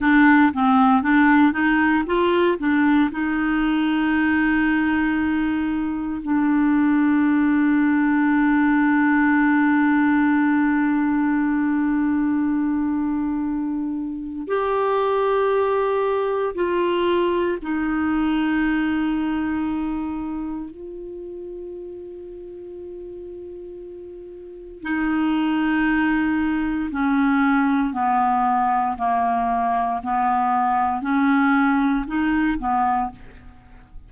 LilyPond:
\new Staff \with { instrumentName = "clarinet" } { \time 4/4 \tempo 4 = 58 d'8 c'8 d'8 dis'8 f'8 d'8 dis'4~ | dis'2 d'2~ | d'1~ | d'2 g'2 |
f'4 dis'2. | f'1 | dis'2 cis'4 b4 | ais4 b4 cis'4 dis'8 b8 | }